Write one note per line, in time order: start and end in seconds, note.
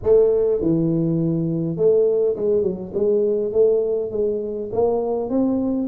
0.02 0.61 A3
0.61 1.76 E3
1.76 2.35 A3
2.36 2.62 G#3
2.62 2.91 F#3
2.94 3.52 G#3
3.52 4.11 A3
4.11 4.70 G#3
4.72 5.29 A#3
5.29 5.88 C4